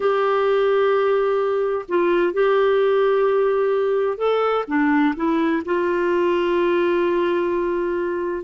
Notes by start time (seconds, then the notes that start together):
0.00 G4
1.88 F4
2.33 G4
4.17 A4
4.67 D4
5.16 E4
5.65 F4